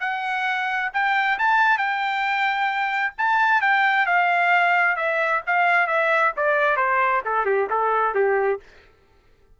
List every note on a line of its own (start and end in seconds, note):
0.00 0.90 F#5
0.93 1.38 G5
1.38 1.78 A5
1.78 3.13 G5
3.17 3.61 A5
3.61 4.06 G5
4.06 4.96 F5
4.96 5.41 E5
5.46 5.87 F5
5.87 6.32 E5
6.36 6.76 D5
6.76 7.22 C5
7.25 7.45 A4
7.45 7.68 G4
7.70 8.14 A4
8.14 8.60 G4